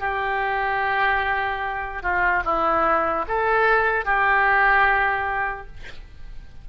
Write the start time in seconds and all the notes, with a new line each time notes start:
0.00 G4
2.02 F4
2.44 E4
3.28 A4
4.05 G4